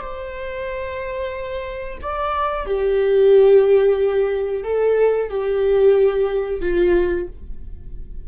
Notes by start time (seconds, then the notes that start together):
0.00 C5
2.01 D5
2.66 G4
4.63 A4
5.29 G4
6.61 F4